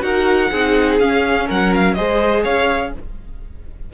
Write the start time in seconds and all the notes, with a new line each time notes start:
0.00 D#4 F#4 A#4 F#5
0.51 C4 D#4 G#4
0.99 C#4 F5
1.46 F#3 A#4 F#5
1.74 F5
1.94 G#3 G#4 C5 D#5
2.43 C#4 C#5 F5